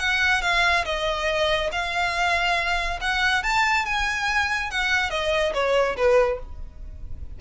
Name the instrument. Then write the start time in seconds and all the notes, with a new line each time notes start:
violin
0.00 F#5
0.42 F5
0.85 D#5
1.72 F5
3.02 F#5
3.44 A5
3.86 G#5
4.71 F#5
5.11 D#5
5.54 C#5
5.97 B4